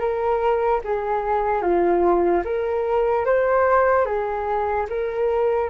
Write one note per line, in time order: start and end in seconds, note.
0.00 0.81 A#4
0.84 1.62 G#4
1.62 2.43 F4
2.45 3.25 A#4
3.25 4.06 C5
4.06 4.87 G#4
4.90 5.71 A#4